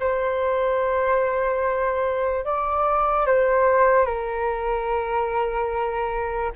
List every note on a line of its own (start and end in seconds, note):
0.00 2.45 C5
2.45 3.27 D5
3.27 4.05 C5
4.05 6.52 A#4